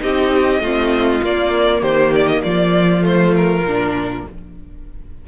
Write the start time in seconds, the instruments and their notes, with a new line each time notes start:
0.00 cello C4, viola D#4, violin G4 D#5
0.60 cello A3, viola C4, violin F4
1.22 viola A#3, cello A#3, violin D5
1.82 cello D#3, violin G4 C5
2.16 violin D5
2.27 violin D#5
2.42 cello F3, violin F4 D5
3.02 viola A3, violin C5
3.37 violin A#4
3.63 cello A#2, viola D4